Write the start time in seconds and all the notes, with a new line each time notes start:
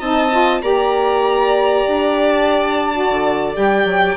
0.00 C4 D#4 D#5 A5
0.32 F4
0.62 A#3 G4 D5 A#5
1.87 D4
2.30 A5
2.93 F#4
3.10 D3
3.54 G3 G4 G5
3.85 F#3